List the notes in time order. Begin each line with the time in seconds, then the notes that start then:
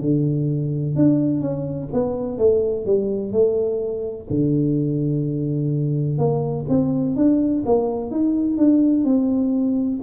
0.00 D3
0.95 D4
1.40 C#4
1.93 B3
2.38 A3
2.85 G3
3.32 A3
4.29 D3
6.18 A#3
6.69 C4
7.16 D4
7.65 A#3
8.10 D#4
8.57 D4
9.04 C4